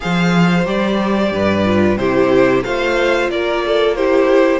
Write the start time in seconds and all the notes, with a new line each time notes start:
0.00 F3 G#4 C5 F5
0.65 G3 G4 D5
1.31 G2 B4
1.65 F4
1.97 C3 E4 G4 C5
2.64 A3 F4 C5 F5
3.28 A#3 A#4 D5
3.66 A4
3.95 E4 G4 C5